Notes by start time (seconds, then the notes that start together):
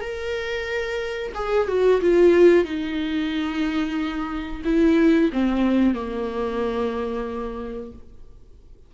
0.00 A#4
1.35 G#4
1.68 F#4
2.01 F4
2.64 D#4
4.64 E4
5.33 C4
5.94 A#3